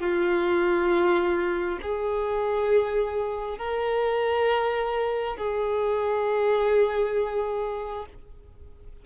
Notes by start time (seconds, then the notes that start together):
0.00 F4
1.82 G#4
3.58 A#4
5.37 G#4